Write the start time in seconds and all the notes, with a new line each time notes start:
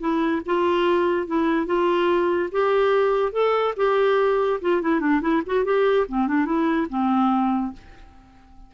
0.00 E4
0.46 F4
1.27 E4
1.66 F4
2.52 G4
3.32 A4
3.77 G4
4.61 F4
4.82 E4
5.00 D4
5.22 E4
5.46 F#4
5.65 G4
6.08 C4
6.28 D4
6.45 E4
6.89 C4